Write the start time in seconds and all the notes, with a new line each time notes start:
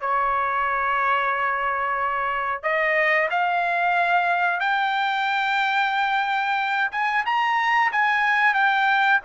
0.00 C#5
2.63 D#5
3.30 F5
4.60 G5
6.91 G#5
7.26 A#5
7.92 G#5
8.54 G5